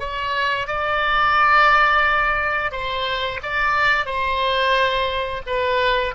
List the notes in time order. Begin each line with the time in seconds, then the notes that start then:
0.00 C#5
0.68 D5
2.72 C5
3.43 D5
4.06 C5
5.47 B4